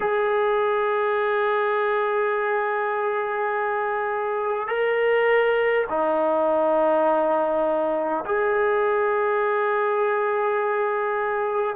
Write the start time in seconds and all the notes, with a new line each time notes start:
0.00 G#4
4.67 A#4
5.89 D#4
8.25 G#4